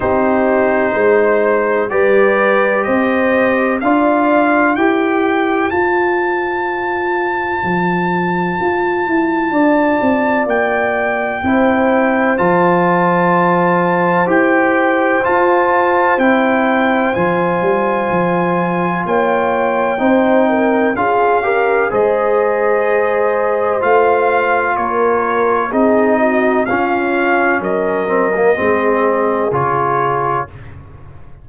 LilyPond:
<<
  \new Staff \with { instrumentName = "trumpet" } { \time 4/4 \tempo 4 = 63 c''2 d''4 dis''4 | f''4 g''4 a''2~ | a''2. g''4~ | g''4 a''2 g''4 |
a''4 g''4 gis''2 | g''2 f''4 dis''4~ | dis''4 f''4 cis''4 dis''4 | f''4 dis''2 cis''4 | }
  \new Staff \with { instrumentName = "horn" } { \time 4/4 g'4 c''4 b'4 c''4 | d''4 c''2.~ | c''2 d''2 | c''1~ |
c''1 | cis''4 c''8 ais'8 gis'8 ais'8 c''4~ | c''2 ais'4 gis'8 fis'8 | f'4 ais'4 gis'2 | }
  \new Staff \with { instrumentName = "trombone" } { \time 4/4 dis'2 g'2 | f'4 g'4 f'2~ | f'1 | e'4 f'2 g'4 |
f'4 e'4 f'2~ | f'4 dis'4 f'8 g'8 gis'4~ | gis'4 f'2 dis'4 | cis'4. c'16 ais16 c'4 f'4 | }
  \new Staff \with { instrumentName = "tuba" } { \time 4/4 c'4 gis4 g4 c'4 | d'4 e'4 f'2 | f4 f'8 e'8 d'8 c'8 ais4 | c'4 f2 e'4 |
f'4 c'4 f8 g8 f4 | ais4 c'4 cis'4 gis4~ | gis4 a4 ais4 c'4 | cis'4 fis4 gis4 cis4 | }
>>